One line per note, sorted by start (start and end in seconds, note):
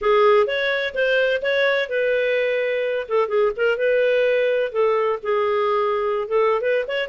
0.01 0.47 G#4
0.47 0.94 C#5
0.94 1.41 C5
1.42 1.89 C#5
1.89 3.07 B4
3.08 3.28 A4
3.28 3.52 G#4
3.56 3.77 A#4
3.77 4.71 B4
4.71 5.19 A4
5.22 6.27 G#4
6.27 6.61 A4
6.61 6.84 B4
6.87 7.08 C#5